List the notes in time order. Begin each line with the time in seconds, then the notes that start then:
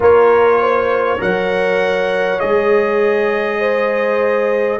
0.00 A#3 F4 A#4 C#5
0.60 C5
1.18 F#3 A#4 C#5 F#5
2.39 G#3 G#4 D#5
3.59 C5